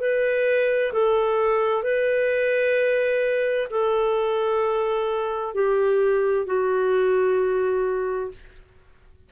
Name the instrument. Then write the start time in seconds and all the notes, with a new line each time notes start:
clarinet
0.00 B4
0.93 A4
1.83 B4
3.70 A4
5.55 G4
6.47 F#4